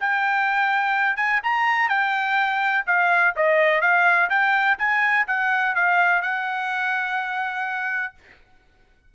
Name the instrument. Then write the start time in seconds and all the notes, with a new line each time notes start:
trumpet
0.00 G5
1.16 G#5
1.43 A#5
1.89 G5
2.86 F5
3.36 D#5
3.81 F5
4.29 G5
4.78 G#5
5.27 F#5
5.75 F5
6.22 F#5